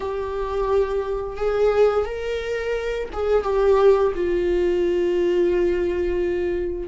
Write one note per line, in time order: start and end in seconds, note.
0.00 1.36 G4
1.36 2.05 G#4
2.05 3.08 A#4
3.12 3.43 G#4
3.43 4.12 G4
4.14 6.88 F4